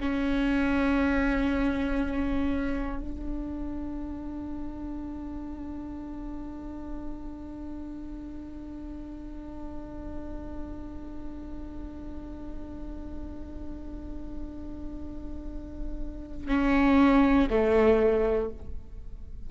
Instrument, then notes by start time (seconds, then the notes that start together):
viola
0.00 C#4
3.00 D4
16.49 C#4
17.50 A3